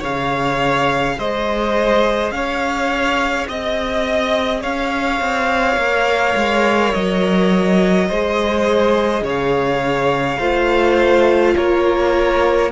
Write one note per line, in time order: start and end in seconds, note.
0.00 1.18 C#3
0.00 5.78 G#4
0.00 1.15 C#5
0.00 1.19 F5
1.18 2.31 G#3
1.18 2.33 C5
1.18 2.31 D#5
2.31 3.46 C#4
2.31 3.49 C#5
2.31 3.46 F5
3.48 4.64 C4
3.48 4.61 D#5
3.48 4.63 D#5
4.61 5.20 C#4
4.61 8.07 C#5
4.61 6.94 F5
5.20 5.76 C4
5.76 6.34 A#3
5.76 8.09 A#4
6.36 6.93 G#3
6.94 8.10 F#3
6.94 9.24 D#5
8.08 9.22 G#3
8.08 10.40 G#4
8.08 9.23 C5
9.22 10.37 C#3
9.22 10.39 C#5
9.29 11.56 F5
10.39 11.55 A3
10.39 12.70 F4
10.39 11.54 C5
11.56 12.72 A#3
11.56 12.71 A#4
11.56 12.72 C#5